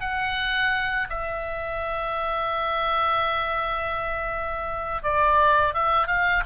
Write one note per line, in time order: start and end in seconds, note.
0.00 1.07 F#5
1.09 5.02 E5
5.02 5.74 D5
5.74 6.07 E5
6.07 6.43 F5